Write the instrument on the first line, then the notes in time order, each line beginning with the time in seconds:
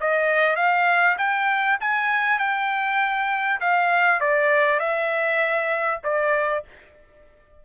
trumpet
0.00 D#5
0.56 F5
1.18 G5
1.80 G#5
2.39 G5
3.60 F5
4.20 D5
4.79 E5
6.03 D5